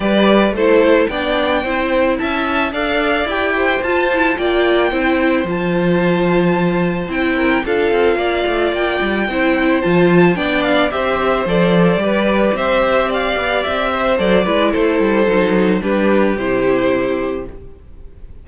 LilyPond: <<
  \new Staff \with { instrumentName = "violin" } { \time 4/4 \tempo 4 = 110 d''4 c''4 g''2 | a''4 f''4 g''4 a''4 | g''2 a''2~ | a''4 g''4 f''2 |
g''2 a''4 g''8 f''8 | e''4 d''2 e''4 | f''4 e''4 d''4 c''4~ | c''4 b'4 c''2 | }
  \new Staff \with { instrumentName = "violin" } { \time 4/4 b'4 a'4 d''4 c''4 | e''4 d''4. c''4. | d''4 c''2.~ | c''4. ais'8 a'4 d''4~ |
d''4 c''2 d''4 | c''2 b'4 c''4 | d''4. c''4 b'8 a'4~ | a'4 g'2. | }
  \new Staff \with { instrumentName = "viola" } { \time 4/4 g'4 e'4 d'4 e'4~ | e'4 a'4 g'4 f'8 e'8 | f'4 e'4 f'2~ | f'4 e'4 f'2~ |
f'4 e'4 f'4 d'4 | g'4 a'4 g'2~ | g'2 a'8 e'4. | dis'4 d'4 e'2 | }
  \new Staff \with { instrumentName = "cello" } { \time 4/4 g4 a4 b4 c'4 | cis'4 d'4 e'4 f'4 | ais4 c'4 f2~ | f4 c'4 d'8 c'8 ais8 a8 |
ais8 g8 c'4 f4 b4 | c'4 f4 g4 c'4~ | c'8 b8 c'4 fis8 gis8 a8 g8 | fis4 g4 c2 | }
>>